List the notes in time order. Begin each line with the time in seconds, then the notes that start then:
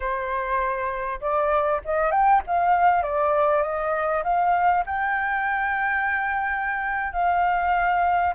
0.00 C5
1.20 D5
1.84 D#5
2.11 G5
2.47 F5
3.02 D5
3.62 D#5
4.23 F5
4.86 G5
7.12 F5